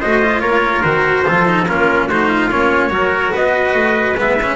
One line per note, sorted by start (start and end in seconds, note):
0.00 0.41 A3
0.00 0.22 F#4
0.00 0.42 C5
0.00 0.41 D#5
0.22 0.84 F4
0.41 0.82 A#3
0.41 1.26 A#4
0.41 0.82 C#5
0.82 1.26 D#3
0.82 1.26 F#4
0.82 1.65 C5
1.26 1.70 F3
1.26 1.46 F4
1.26 1.69 A4
1.46 1.67 D#4
1.67 2.08 A#3
1.67 2.10 C#4
1.67 2.08 F4
1.67 2.09 A#4
2.08 2.50 A3
2.08 2.51 D#4
2.08 2.29 F#4
2.08 2.51 C5
2.29 2.91 F4
2.51 2.90 A#3
2.51 2.90 C#4
2.51 3.34 C#5
2.90 3.31 F#3
2.90 4.15 F#4
2.90 3.33 A#4
3.33 3.74 B3
3.33 4.57 B4
3.33 4.19 D#5
3.74 4.16 A3
4.17 4.57 G#3
4.17 4.38 B3
4.17 4.57 E5
4.43 4.57 C#4